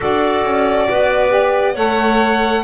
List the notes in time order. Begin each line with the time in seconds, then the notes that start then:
0.00 D4 F#4 A4 D5
0.44 C#4
0.89 B3 B4
1.29 G4
1.73 A3 A4 C#5 F#5